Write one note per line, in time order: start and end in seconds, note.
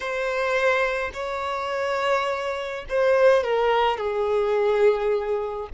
0.00 1.11 C5
1.13 2.85 C#5
2.89 3.43 C5
3.43 3.97 A#4
3.97 5.69 G#4